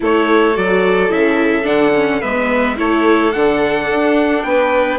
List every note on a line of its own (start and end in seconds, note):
0.00 0.56 A3
0.00 0.54 E4
0.00 2.20 A4
0.00 0.56 C#5
0.54 1.10 F#3
0.54 1.09 F#4
0.54 1.11 D5
1.09 1.65 C#3
1.09 1.62 E4
1.09 1.66 E5
1.62 2.21 D3
1.62 1.90 D4
1.62 2.21 F#5
1.94 2.21 C#4
2.20 2.78 G#3
2.20 2.76 B3
2.20 2.76 B4
2.20 2.77 E5
2.76 3.34 A3
2.76 3.32 E4
2.76 4.45 A4
2.76 3.32 C#5
3.32 3.89 D3
3.32 4.98 D4
3.32 4.42 F#5
3.89 4.44 D4
4.42 4.98 B3
4.42 4.98 B4
4.42 4.98 G5